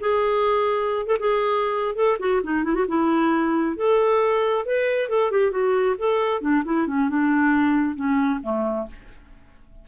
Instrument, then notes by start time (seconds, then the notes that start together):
clarinet
0.00 G#4
1.06 A4
1.19 G#4
1.95 A4
2.19 F#4
2.43 D#4
2.64 E4
2.75 F#4
2.88 E4
3.77 A4
4.66 B4
5.09 A4
5.31 G4
5.51 F#4
5.98 A4
6.41 D4
6.65 E4
6.87 C#4
7.09 D4
7.96 C#4
8.43 A3